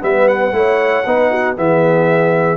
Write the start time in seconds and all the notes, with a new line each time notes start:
0.00 G3 B3 B4 E5
0.28 F#5
0.52 A3 E4 C#5
1.06 B3 D#4 B4
1.31 F#4
1.56 E3 B3 G#4 E5